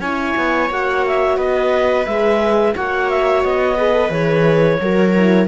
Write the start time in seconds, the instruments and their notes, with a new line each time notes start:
0.00 cello C#4, horn E4, viola C#5, clarinet G#5
0.37 cello B3
0.70 cello A#3, horn F#4, clarinet F#5
1.07 clarinet E5
1.37 cello B3, viola B4, clarinet D#5
2.06 cello G#3, horn G#4, clarinet E5
2.75 cello A#3, horn F#4, viola C#5, clarinet F#5
3.10 clarinet E5
3.44 cello B3, clarinet D#5
3.76 horn G#4, viola B4
3.92 horn A4
4.09 cello E3, horn G#4, clarinet C#5
4.81 cello F#3, horn F#4, viola A#4
5.16 horn E4